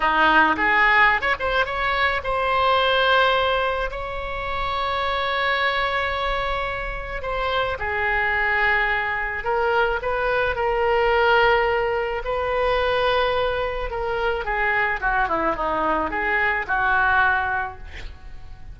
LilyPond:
\new Staff \with { instrumentName = "oboe" } { \time 4/4 \tempo 4 = 108 dis'4 gis'4~ gis'16 cis''16 c''8 cis''4 | c''2. cis''4~ | cis''1~ | cis''4 c''4 gis'2~ |
gis'4 ais'4 b'4 ais'4~ | ais'2 b'2~ | b'4 ais'4 gis'4 fis'8 e'8 | dis'4 gis'4 fis'2 | }